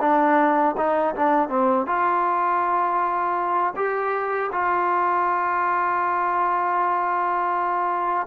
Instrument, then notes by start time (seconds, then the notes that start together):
trombone
0.00 D4
0.77 D#4
1.15 D4
1.49 C4
1.86 F4
3.75 G4
4.52 F4